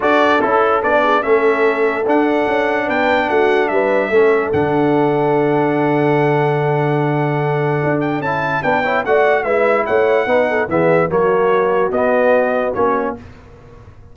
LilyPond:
<<
  \new Staff \with { instrumentName = "trumpet" } { \time 4/4 \tempo 4 = 146 d''4 a'4 d''4 e''4~ | e''4 fis''2 g''4 | fis''4 e''2 fis''4~ | fis''1~ |
fis''2.~ fis''8 g''8 | a''4 g''4 fis''4 e''4 | fis''2 e''4 cis''4~ | cis''4 dis''2 cis''4 | }
  \new Staff \with { instrumentName = "horn" } { \time 4/4 a'2~ a'8 gis'8 a'4~ | a'2. b'4 | fis'4 b'4 a'2~ | a'1~ |
a'1~ | a'4 b'8 cis''8 d''4 b'4 | cis''4 b'8 a'8 gis'4 fis'4~ | fis'1 | }
  \new Staff \with { instrumentName = "trombone" } { \time 4/4 fis'4 e'4 d'4 cis'4~ | cis'4 d'2.~ | d'2 cis'4 d'4~ | d'1~ |
d'1 | e'4 d'8 e'8 fis'4 e'4~ | e'4 dis'4 b4 ais4~ | ais4 b2 cis'4 | }
  \new Staff \with { instrumentName = "tuba" } { \time 4/4 d'4 cis'4 b4 a4~ | a4 d'4 cis'4 b4 | a4 g4 a4 d4~ | d1~ |
d2. d'4 | cis'4 b4 a4 gis4 | a4 b4 e4 fis4~ | fis4 b2 ais4 | }
>>